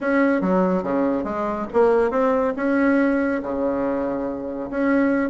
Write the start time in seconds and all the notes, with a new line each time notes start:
0.00 C#4
0.41 F#3
0.83 C#3
1.24 G#3
1.73 A#3
2.11 C4
2.56 C#4
3.42 C#3
4.70 C#4